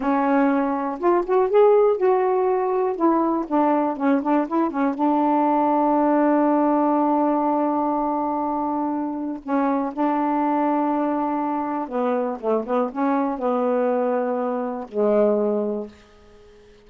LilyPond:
\new Staff \with { instrumentName = "saxophone" } { \time 4/4 \tempo 4 = 121 cis'2 f'8 fis'8 gis'4 | fis'2 e'4 d'4 | cis'8 d'8 e'8 cis'8 d'2~ | d'1~ |
d'2. cis'4 | d'1 | b4 a8 b8 cis'4 b4~ | b2 gis2 | }